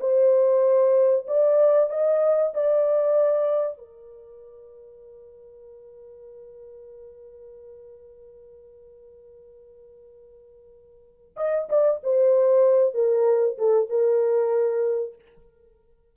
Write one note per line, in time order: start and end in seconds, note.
0.00 1.26 C5
1.27 1.89 D5
1.89 2.53 D#5
2.54 3.78 D5
3.78 11.35 A#4
11.37 11.68 D#5
11.69 12.01 D5
12.03 12.94 C5
12.94 13.57 A#4
13.58 13.89 A4
13.89 15.16 A#4